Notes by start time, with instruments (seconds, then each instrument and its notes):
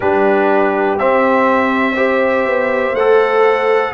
0.00 tuba G3, trombone D4, horn G4, trumpet B4
0.98 tuba C4, trombone C4, trumpet E5
1.95 trombone G4, horn C5
2.46 tuba B3
2.93 tuba A3, trombone A4, trumpet F#5